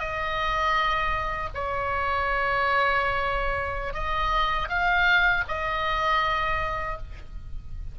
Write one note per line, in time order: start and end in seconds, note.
0.00 1.50 D#5
1.55 3.94 C#5
3.94 4.69 D#5
4.69 5.44 F5
5.48 6.98 D#5